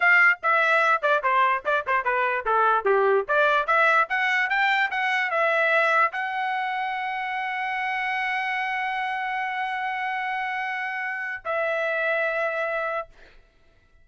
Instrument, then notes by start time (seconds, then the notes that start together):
trumpet
0.00 F5
0.42 E5
1.01 D5
1.23 C5
1.65 D5
1.86 C5
2.04 B4
2.45 A4
2.84 G4
3.28 D5
3.66 E5
4.09 F#5
4.49 G5
4.90 F#5
5.30 E5
6.12 F#5
11.44 E5